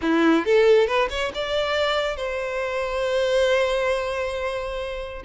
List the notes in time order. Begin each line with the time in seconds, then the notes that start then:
0.01 E4
0.45 A4
0.87 B4
1.10 C#5
1.34 D5
2.16 C5